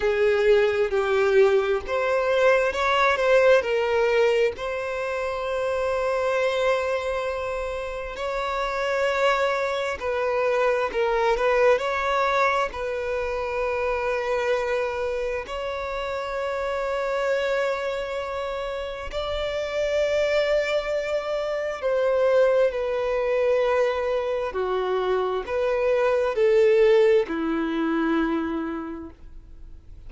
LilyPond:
\new Staff \with { instrumentName = "violin" } { \time 4/4 \tempo 4 = 66 gis'4 g'4 c''4 cis''8 c''8 | ais'4 c''2.~ | c''4 cis''2 b'4 | ais'8 b'8 cis''4 b'2~ |
b'4 cis''2.~ | cis''4 d''2. | c''4 b'2 fis'4 | b'4 a'4 e'2 | }